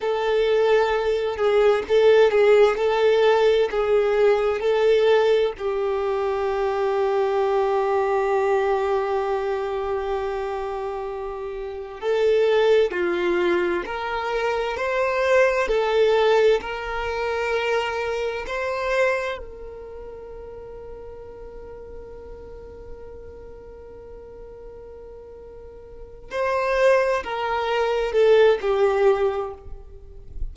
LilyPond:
\new Staff \with { instrumentName = "violin" } { \time 4/4 \tempo 4 = 65 a'4. gis'8 a'8 gis'8 a'4 | gis'4 a'4 g'2~ | g'1~ | g'4 a'4 f'4 ais'4 |
c''4 a'4 ais'2 | c''4 ais'2.~ | ais'1~ | ais'8 c''4 ais'4 a'8 g'4 | }